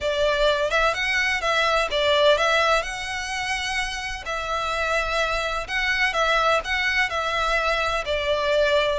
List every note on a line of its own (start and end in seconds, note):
0.00 0.70 D5
0.70 0.93 E5
0.93 1.41 F#5
1.41 1.88 E5
1.90 2.37 D5
2.37 2.82 E5
2.82 4.24 F#5
4.25 5.67 E5
5.67 6.13 F#5
6.13 6.60 E5
6.64 7.09 F#5
7.09 8.04 E5
8.05 8.99 D5